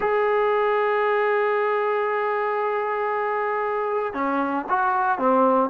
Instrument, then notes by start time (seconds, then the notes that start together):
trombone
0.00 G#4
4.13 C#4
4.69 F#4
5.18 C4